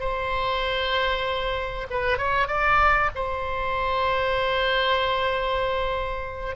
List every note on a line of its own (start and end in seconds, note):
0.00 1.88 C5
1.91 2.18 B4
2.18 2.48 C#5
2.48 3.11 D5
3.15 6.56 C5